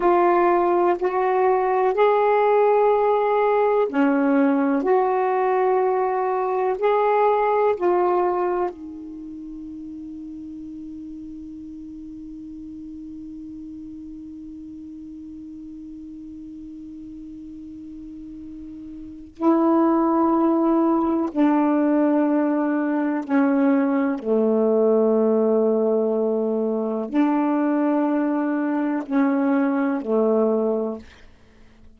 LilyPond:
\new Staff \with { instrumentName = "saxophone" } { \time 4/4 \tempo 4 = 62 f'4 fis'4 gis'2 | cis'4 fis'2 gis'4 | f'4 dis'2.~ | dis'1~ |
dis'1 | e'2 d'2 | cis'4 a2. | d'2 cis'4 a4 | }